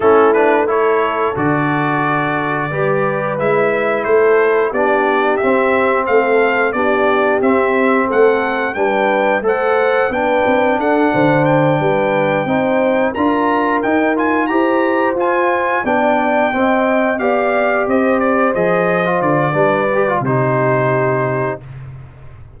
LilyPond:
<<
  \new Staff \with { instrumentName = "trumpet" } { \time 4/4 \tempo 4 = 89 a'8 b'8 cis''4 d''2~ | d''4 e''4 c''4 d''4 | e''4 f''4 d''4 e''4 | fis''4 g''4 fis''4 g''4 |
fis''4 g''2~ g''8 ais''8~ | ais''8 g''8 gis''8 ais''4 gis''4 g''8~ | g''4. f''4 dis''8 d''8 dis''8~ | dis''8 d''4. c''2 | }
  \new Staff \with { instrumentName = "horn" } { \time 4/4 e'4 a'2. | b'2 a'4 g'4~ | g'4 a'4 g'2 | a'4 b'4 c''4 b'4 |
a'8 c''4 b'4 c''4 ais'8~ | ais'4. c''2 d''8~ | d''8 dis''4 d''4 c''4.~ | c''4 b'4 g'2 | }
  \new Staff \with { instrumentName = "trombone" } { \time 4/4 cis'8 d'8 e'4 fis'2 | g'4 e'2 d'4 | c'2 d'4 c'4~ | c'4 d'4 a'4 d'4~ |
d'2~ d'8 dis'4 f'8~ | f'8 dis'8 f'8 g'4 f'4 d'8~ | d'8 c'4 g'2 gis'8~ | gis'16 f'8. d'8 g'16 f'16 dis'2 | }
  \new Staff \with { instrumentName = "tuba" } { \time 4/4 a2 d2 | g4 gis4 a4 b4 | c'4 a4 b4 c'4 | a4 g4 a4 b8 c'8 |
d'8 d4 g4 c'4 d'8~ | d'8 dis'4 e'4 f'4 b8~ | b8 c'4 b4 c'4 f8~ | f8 d8 g4 c2 | }
>>